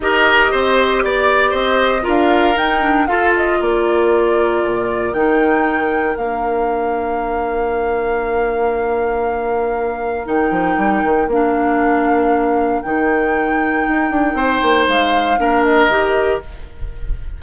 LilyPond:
<<
  \new Staff \with { instrumentName = "flute" } { \time 4/4 \tempo 4 = 117 dis''2 d''4 dis''4 | f''4 g''4 f''8 dis''8 d''4~ | d''2 g''2 | f''1~ |
f''1 | g''2 f''2~ | f''4 g''2.~ | g''4 f''4. dis''4. | }
  \new Staff \with { instrumentName = "oboe" } { \time 4/4 ais'4 c''4 d''4 c''4 | ais'2 a'4 ais'4~ | ais'1~ | ais'1~ |
ais'1~ | ais'1~ | ais'1 | c''2 ais'2 | }
  \new Staff \with { instrumentName = "clarinet" } { \time 4/4 g'1 | f'4 dis'8 d'8 f'2~ | f'2 dis'2 | d'1~ |
d'1 | dis'2 d'2~ | d'4 dis'2.~ | dis'2 d'4 g'4 | }
  \new Staff \with { instrumentName = "bassoon" } { \time 4/4 dis'4 c'4 b4 c'4 | d'4 dis'4 f'4 ais4~ | ais4 ais,4 dis2 | ais1~ |
ais1 | dis8 f8 g8 dis8 ais2~ | ais4 dis2 dis'8 d'8 | c'8 ais8 gis4 ais4 dis4 | }
>>